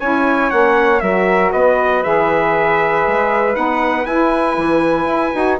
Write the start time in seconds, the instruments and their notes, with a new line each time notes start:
0.00 bassoon C#4, saxophone E4, flute C#5, trumpet G#5
0.51 bassoon A#3, saxophone C#4, trumpet F#5
1.00 bassoon F#3, saxophone F#4, flute A#4, trumpet E5
1.53 bassoon B3, flute B4, trumpet D#5
2.03 bassoon E3, saxophone G#4, trumpet E5
3.07 bassoon G#3
3.54 bassoon B3, saxophone D#4, trumpet F#5
4.06 bassoon E4, saxophone E4, trumpet G#5
4.58 bassoon E3
5.06 bassoon E4
5.34 bassoon D#4, saxophone F#4